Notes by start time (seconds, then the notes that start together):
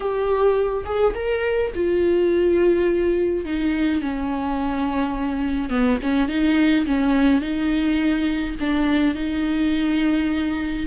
0.00 G4
0.85 G#4
1.14 A#4
1.74 F4
3.45 D#4
4.01 C#4
5.69 B3
6.02 C#4
6.28 D#4
6.86 C#4
7.41 D#4
8.59 D4
9.14 D#4